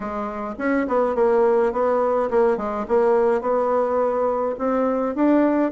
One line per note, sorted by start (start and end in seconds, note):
0.00 0.54 G#3
0.58 0.86 C#4
0.87 1.15 B3
1.15 1.72 A#3
1.72 2.29 B3
2.30 2.57 A#3
2.57 2.85 G#3
2.88 3.41 A#3
3.41 4.55 B3
4.58 5.15 C4
5.15 5.71 D4